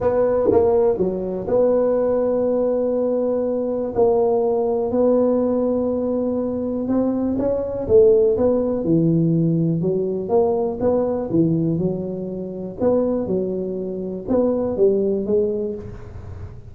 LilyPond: \new Staff \with { instrumentName = "tuba" } { \time 4/4 \tempo 4 = 122 b4 ais4 fis4 b4~ | b1 | ais2 b2~ | b2 c'4 cis'4 |
a4 b4 e2 | fis4 ais4 b4 e4 | fis2 b4 fis4~ | fis4 b4 g4 gis4 | }